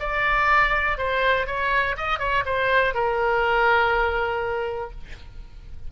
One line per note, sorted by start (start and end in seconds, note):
0.00 0.98 D5
0.98 1.47 C5
1.47 1.96 C#5
1.97 2.19 D#5
2.19 2.44 C#5
2.45 2.94 C5
2.94 4.91 A#4